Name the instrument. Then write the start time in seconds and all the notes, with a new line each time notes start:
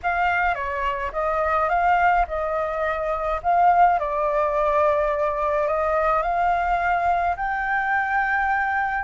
flute
0.02 F5
0.54 C#5
1.12 D#5
1.69 F5
2.27 D#5
3.42 F5
3.99 D5
5.67 D#5
6.22 F5
7.36 G5